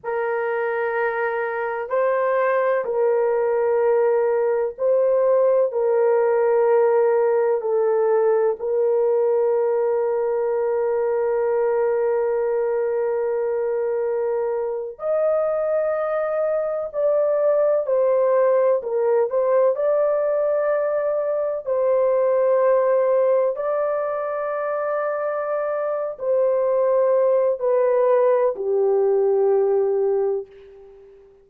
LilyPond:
\new Staff \with { instrumentName = "horn" } { \time 4/4 \tempo 4 = 63 ais'2 c''4 ais'4~ | ais'4 c''4 ais'2 | a'4 ais'2.~ | ais'2.~ ais'8. dis''16~ |
dis''4.~ dis''16 d''4 c''4 ais'16~ | ais'16 c''8 d''2 c''4~ c''16~ | c''8. d''2~ d''8. c''8~ | c''4 b'4 g'2 | }